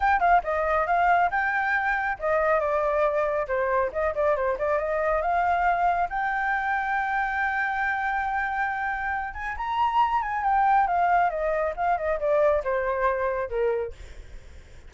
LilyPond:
\new Staff \with { instrumentName = "flute" } { \time 4/4 \tempo 4 = 138 g''8 f''8 dis''4 f''4 g''4~ | g''4 dis''4 d''2 | c''4 dis''8 d''8 c''8 d''8 dis''4 | f''2 g''2~ |
g''1~ | g''4. gis''8 ais''4. gis''8 | g''4 f''4 dis''4 f''8 dis''8 | d''4 c''2 ais'4 | }